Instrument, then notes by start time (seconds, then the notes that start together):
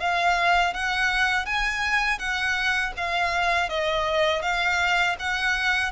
violin
0.00 F5
0.74 F#5
1.45 G#5
2.19 F#5
2.97 F5
3.69 D#5
4.42 F5
5.19 F#5